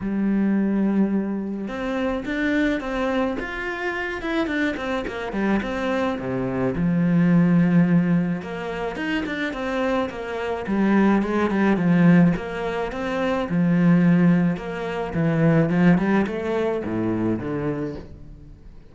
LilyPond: \new Staff \with { instrumentName = "cello" } { \time 4/4 \tempo 4 = 107 g2. c'4 | d'4 c'4 f'4. e'8 | d'8 c'8 ais8 g8 c'4 c4 | f2. ais4 |
dis'8 d'8 c'4 ais4 g4 | gis8 g8 f4 ais4 c'4 | f2 ais4 e4 | f8 g8 a4 a,4 d4 | }